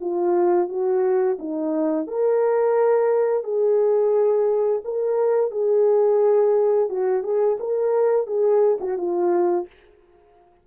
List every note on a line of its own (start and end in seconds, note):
0.00 0.69 F4
0.69 1.38 F#4
1.39 2.07 D#4
2.07 3.44 A#4
3.44 4.82 G#4
4.84 5.51 A#4
5.51 6.89 G#4
6.89 7.23 F#4
7.23 7.58 G#4
7.60 8.27 A#4
8.27 8.78 G#4
8.80 8.97 F#4
8.98 9.67 F4